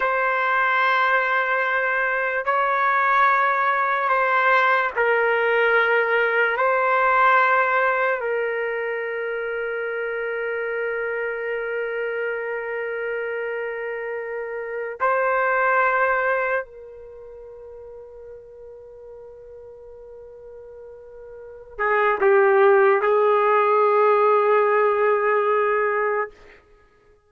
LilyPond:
\new Staff \with { instrumentName = "trumpet" } { \time 4/4 \tempo 4 = 73 c''2. cis''4~ | cis''4 c''4 ais'2 | c''2 ais'2~ | ais'1~ |
ais'2~ ais'16 c''4.~ c''16~ | c''16 ais'2.~ ais'8.~ | ais'2~ ais'8 gis'8 g'4 | gis'1 | }